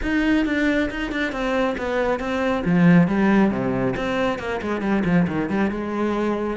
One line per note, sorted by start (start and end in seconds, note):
0.02 0.45 D#4
0.45 0.89 D4
0.90 1.11 D#4
1.11 1.32 D4
1.32 1.75 C4
1.77 2.19 B3
2.19 2.63 C4
2.65 3.07 F3
3.07 3.50 G3
3.50 3.94 C3
3.96 4.38 C4
4.38 4.60 A#3
4.61 4.81 G#3
4.81 5.03 G3
5.05 5.27 F3
5.27 5.49 D#3
5.49 5.70 G3
5.70 6.57 G#3